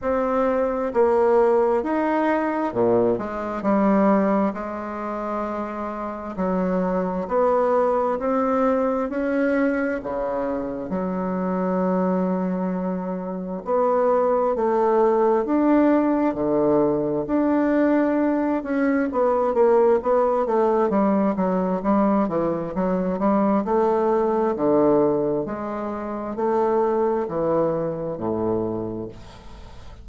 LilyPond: \new Staff \with { instrumentName = "bassoon" } { \time 4/4 \tempo 4 = 66 c'4 ais4 dis'4 ais,8 gis8 | g4 gis2 fis4 | b4 c'4 cis'4 cis4 | fis2. b4 |
a4 d'4 d4 d'4~ | d'8 cis'8 b8 ais8 b8 a8 g8 fis8 | g8 e8 fis8 g8 a4 d4 | gis4 a4 e4 a,4 | }